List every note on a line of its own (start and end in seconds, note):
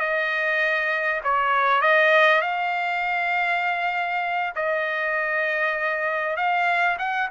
0.00 1.21 D#5
1.24 1.82 C#5
1.82 2.42 D#5
2.42 4.54 F5
4.56 6.37 D#5
6.37 6.98 F5
6.99 7.29 F#5